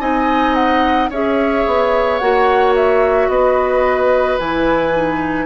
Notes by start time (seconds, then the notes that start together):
0.00 C4 D#4 D#5 G#5
0.55 F#5
1.10 C#4 G#4 C#5 E5
1.67 B3
2.19 A#3 F#4 F#5
2.76 E5
3.28 B3 B4 D#5
4.39 E3 E4 G#5
4.94 D#4